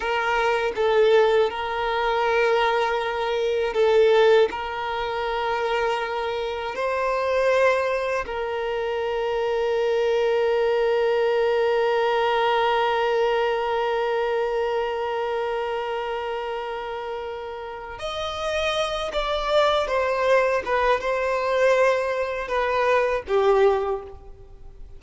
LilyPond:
\new Staff \with { instrumentName = "violin" } { \time 4/4 \tempo 4 = 80 ais'4 a'4 ais'2~ | ais'4 a'4 ais'2~ | ais'4 c''2 ais'4~ | ais'1~ |
ais'1~ | ais'1 | dis''4. d''4 c''4 b'8 | c''2 b'4 g'4 | }